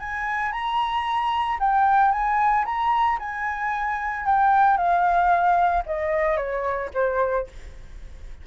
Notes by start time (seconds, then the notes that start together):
0.00 G#5
0.52 A#5
1.60 G5
2.12 G#5
2.65 A#5
3.20 G#5
4.26 G5
4.77 F5
5.86 D#5
6.37 C#5
6.94 C5